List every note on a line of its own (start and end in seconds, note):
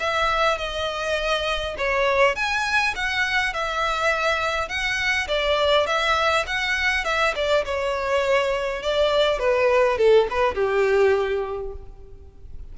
0.00 0.58 E5
0.58 1.76 D#5
1.78 2.36 C#5
2.36 2.94 G#5
2.95 3.53 F#5
3.53 4.69 E5
4.69 5.28 F#5
5.28 5.87 D5
5.87 6.46 E5
6.47 7.05 F#5
7.05 7.34 E5
7.36 7.65 D5
7.65 8.83 C#5
8.83 9.39 D5
9.39 9.98 B4
9.98 10.28 A4
10.30 10.55 B4
10.55 11.73 G4